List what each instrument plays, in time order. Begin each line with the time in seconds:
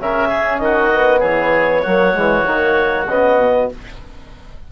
0.00 bassoon C#3, trombone C#4, oboe A#4, clarinet E5
0.28 oboe G#4
0.58 bassoon D#3, oboe F#4, clarinet D#5
0.92 trombone B3
1.20 bassoon E3, oboe G#4, clarinet C#5
1.82 bassoon F#3, trombone A#3, oboe F#4
2.13 bassoon E3, trombone G#3
2.45 bassoon D#3, trombone A#3
3.07 bassoon C#3, trombone B3, clarinet D#5
3.38 bassoon B2